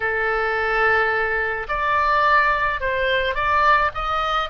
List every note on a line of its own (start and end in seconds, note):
0.00 1.67 A4
1.68 2.80 D5
2.80 3.34 C5
3.34 3.90 D5
3.94 4.49 D#5